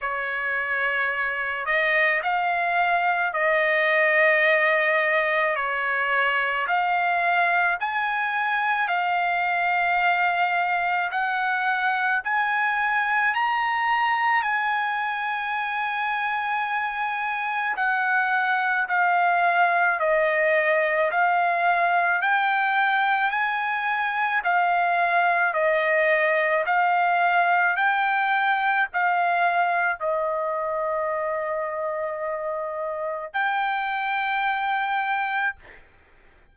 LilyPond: \new Staff \with { instrumentName = "trumpet" } { \time 4/4 \tempo 4 = 54 cis''4. dis''8 f''4 dis''4~ | dis''4 cis''4 f''4 gis''4 | f''2 fis''4 gis''4 | ais''4 gis''2. |
fis''4 f''4 dis''4 f''4 | g''4 gis''4 f''4 dis''4 | f''4 g''4 f''4 dis''4~ | dis''2 g''2 | }